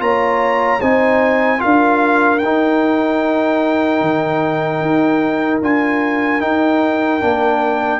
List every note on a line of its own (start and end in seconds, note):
0.00 0.80 A#3
0.00 0.80 F4
0.00 0.80 C#5
0.00 0.81 A#5
0.80 1.62 C4
0.80 1.59 D#4
0.80 1.60 C5
0.80 1.61 G#5
1.59 2.39 F4
1.59 8.00 A#4
1.59 2.39 F5
1.65 2.42 D4
2.39 4.01 D#4
2.39 5.58 G5
2.45 5.62 D#4
4.01 4.81 D#3
4.81 5.61 D#4
5.62 6.42 D4
5.62 6.40 F4
5.62 6.41 G#5
6.40 7.20 D#4
6.40 7.22 D#4
6.40 8.00 G5
7.20 8.00 A#3
7.20 8.00 D4